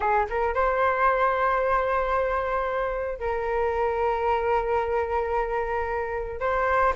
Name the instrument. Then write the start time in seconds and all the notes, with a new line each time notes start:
flute
0.00 G#4
0.29 A#4
0.54 C5
3.19 A#4
6.40 C5